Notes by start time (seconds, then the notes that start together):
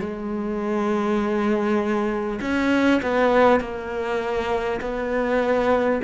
0.00 G#3
2.42 C#4
3.02 B3
3.61 A#3
4.81 B3